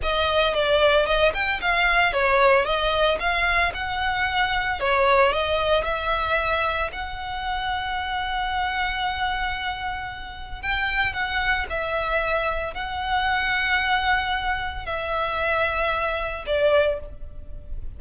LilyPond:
\new Staff \with { instrumentName = "violin" } { \time 4/4 \tempo 4 = 113 dis''4 d''4 dis''8 g''8 f''4 | cis''4 dis''4 f''4 fis''4~ | fis''4 cis''4 dis''4 e''4~ | e''4 fis''2.~ |
fis''1 | g''4 fis''4 e''2 | fis''1 | e''2. d''4 | }